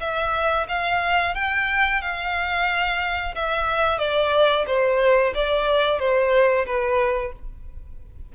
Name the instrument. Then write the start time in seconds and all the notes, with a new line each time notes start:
violin
0.00 E5
0.68 F5
1.35 G5
2.02 F5
3.35 E5
3.98 D5
4.67 C5
5.34 D5
5.99 C5
6.66 B4